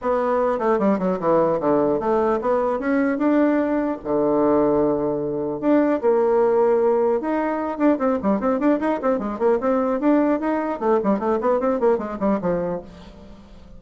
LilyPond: \new Staff \with { instrumentName = "bassoon" } { \time 4/4 \tempo 4 = 150 b4. a8 g8 fis8 e4 | d4 a4 b4 cis'4 | d'2 d2~ | d2 d'4 ais4~ |
ais2 dis'4. d'8 | c'8 g8 c'8 d'8 dis'8 c'8 gis8 ais8 | c'4 d'4 dis'4 a8 g8 | a8 b8 c'8 ais8 gis8 g8 f4 | }